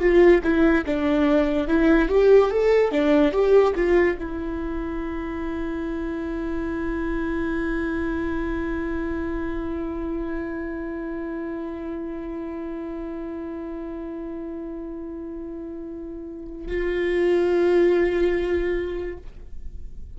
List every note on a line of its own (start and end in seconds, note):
0.00 0.42 F4
0.43 0.85 E4
0.86 1.68 D4
1.68 2.09 E4
2.09 2.50 G4
2.50 2.91 A4
2.91 3.32 D4
3.32 3.74 G4
3.75 4.17 F4
4.19 16.68 E4
16.68 19.18 F4